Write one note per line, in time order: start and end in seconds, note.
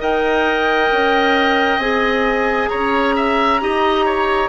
0.00 0.90 D#4
0.00 1.79 A#4
0.00 2.69 D#5
0.00 1.79 G5
0.91 1.78 C#4
1.78 2.68 C4
1.78 3.60 G#4
1.78 2.69 G#5
2.69 3.62 C#4
2.69 3.15 C#5
2.69 4.48 A#5
3.16 3.61 E5
3.61 4.49 D#4
3.61 4.49 G4
3.61 4.06 D#5
4.06 4.49 C#5